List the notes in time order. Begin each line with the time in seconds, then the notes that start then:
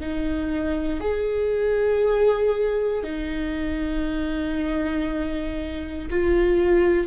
0.00 D#4
1.00 G#4
3.03 D#4
6.10 F4